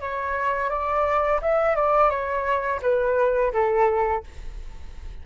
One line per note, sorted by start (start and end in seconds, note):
0.00 0.70 C#5
0.70 1.41 D5
1.42 1.76 E5
1.76 2.10 D5
2.10 2.81 C#5
2.82 3.53 B4
3.53 4.24 A4